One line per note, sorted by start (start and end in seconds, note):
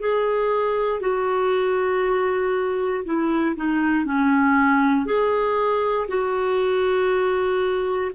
0.00 1.01 G#4
1.01 3.04 F#4
3.05 3.56 E4
3.56 4.06 D#4
4.06 5.06 C#4
5.06 6.07 G#4
6.08 8.12 F#4